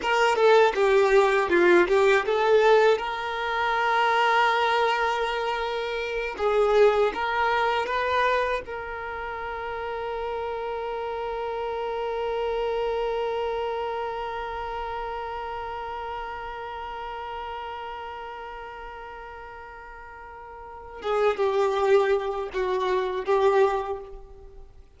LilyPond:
\new Staff \with { instrumentName = "violin" } { \time 4/4 \tempo 4 = 80 ais'8 a'8 g'4 f'8 g'8 a'4 | ais'1~ | ais'8 gis'4 ais'4 b'4 ais'8~ | ais'1~ |
ais'1~ | ais'1~ | ais'1 | gis'8 g'4. fis'4 g'4 | }